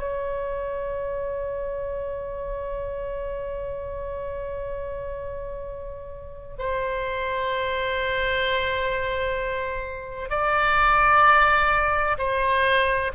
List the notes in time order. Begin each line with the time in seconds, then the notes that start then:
0.00 C#5
6.59 C5
10.30 D5
12.18 C5